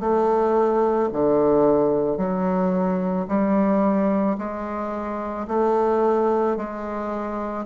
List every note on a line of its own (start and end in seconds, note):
0.00 1.09 A3
1.13 2.17 D3
2.17 3.26 F#3
3.28 4.37 G3
4.38 5.47 G#3
5.47 6.57 A3
6.57 7.66 G#3